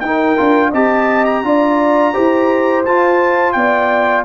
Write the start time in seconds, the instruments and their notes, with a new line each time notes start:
0.00 tuba D#4, trumpet G5
0.06 trombone D#4, horn A#4
0.37 tuba D4, trombone F4
0.70 tuba C4, trombone G4, horn D#5, trumpet A5
1.25 trumpet A#5
1.44 tuba D4, trombone F4, horn D5
2.14 tuba E4, trombone G4, horn C5
2.85 tuba F4, trombone F4, trumpet A5
3.53 tuba B3, horn D5, trumpet G5